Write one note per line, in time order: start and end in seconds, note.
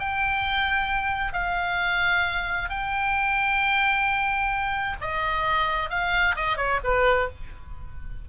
0.00 1.34 G5
1.34 2.70 F5
2.70 4.97 G5
5.01 5.90 D#5
5.90 6.36 F5
6.36 6.57 D#5
6.57 6.80 C#5
6.84 7.30 B4